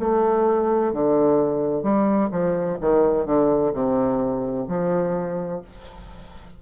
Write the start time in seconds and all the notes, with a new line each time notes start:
0.00 A3
0.93 D3
1.83 G3
2.31 F3
2.81 D#3
3.26 D3
3.73 C3
4.68 F3